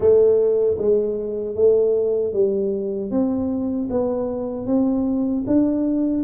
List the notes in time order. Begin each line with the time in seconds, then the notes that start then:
0.00 A3
0.78 G#3
1.55 A3
2.33 G3
3.10 C4
3.90 B3
4.66 C4
5.46 D4